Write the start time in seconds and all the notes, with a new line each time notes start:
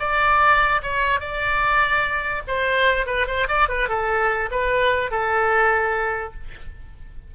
0.00 D5
0.83 C#5
1.20 D5
2.48 C5
3.07 B4
3.28 C5
3.48 D5
3.69 B4
3.89 A4
4.51 B4
5.11 A4